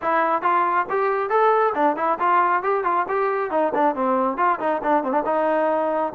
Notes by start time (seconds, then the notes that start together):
0.02 E4
0.42 F4
0.89 G4
1.29 A4
1.74 D4
1.96 E4
2.19 F4
2.62 G4
2.84 F4
3.08 G4
3.50 D#4
3.74 D4
3.95 C4
4.37 F4
4.59 D#4
4.83 D4
5.03 C4
5.12 D4
5.25 D#4